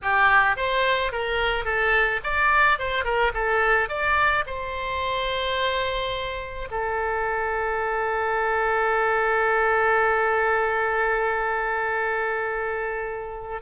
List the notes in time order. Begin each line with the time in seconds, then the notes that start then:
0.02 G4
0.56 C5
1.12 A#4
1.65 A4
2.23 D5
2.79 C5
3.04 A#4
3.34 A4
3.89 D5
4.46 C5
6.70 A4